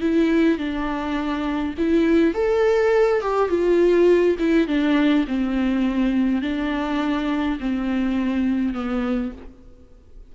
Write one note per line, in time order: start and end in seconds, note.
0.00 0.58 E4
0.58 1.74 D4
1.77 2.34 E4
2.34 3.21 A4
3.21 3.49 G4
3.49 4.36 F4
4.38 4.67 E4
4.67 5.25 D4
5.27 6.42 C4
6.42 7.58 D4
7.59 8.73 C4
8.73 9.32 B3